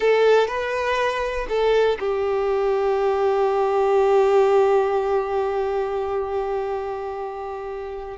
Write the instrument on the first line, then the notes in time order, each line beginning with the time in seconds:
violin
0.00 A4
0.47 B4
1.48 A4
1.99 G4